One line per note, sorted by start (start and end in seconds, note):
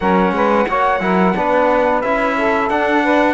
0.00 0.31 F#3
0.00 0.68 C#4
0.00 0.34 A#4
0.00 2.01 F#5
0.31 0.65 G#3
0.31 0.68 B4
0.68 1.00 A#3
0.68 1.00 F#4
0.68 1.02 C#5
1.00 1.33 F#3
1.00 1.34 E4
1.00 1.35 A#4
1.35 2.03 B3
1.35 2.03 D4
1.35 2.36 B4
2.01 2.70 C#4
2.01 2.70 E4
2.01 2.69 E5
2.37 3.02 A4
2.69 3.33 D4
2.69 3.33 F#5
3.02 3.33 B4